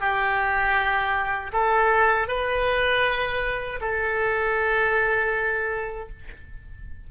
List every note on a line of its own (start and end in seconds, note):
0.00 1.52 G4
1.52 2.28 A4
2.28 3.80 B4
3.81 6.09 A4